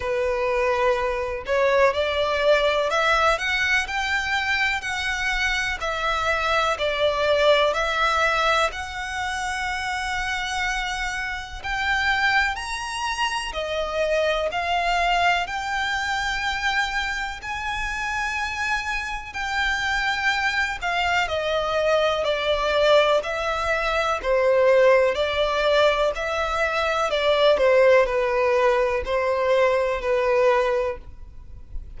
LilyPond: \new Staff \with { instrumentName = "violin" } { \time 4/4 \tempo 4 = 62 b'4. cis''8 d''4 e''8 fis''8 | g''4 fis''4 e''4 d''4 | e''4 fis''2. | g''4 ais''4 dis''4 f''4 |
g''2 gis''2 | g''4. f''8 dis''4 d''4 | e''4 c''4 d''4 e''4 | d''8 c''8 b'4 c''4 b'4 | }